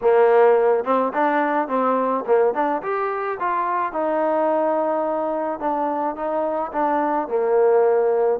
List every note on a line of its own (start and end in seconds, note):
0.01 0.84 A#3
0.84 1.12 C4
1.13 1.68 D4
1.68 2.24 C4
2.26 2.54 A#3
2.54 2.82 D4
2.82 3.38 G4
3.39 3.92 F4
3.92 5.59 D#4
5.59 6.15 D4
6.15 6.71 D#4
6.72 7.28 D4
7.28 8.39 A#3